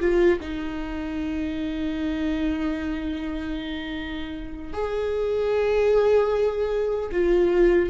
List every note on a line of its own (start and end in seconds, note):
0.00 0.39 F4
0.40 4.73 D#4
4.73 7.10 G#4
7.12 7.89 F4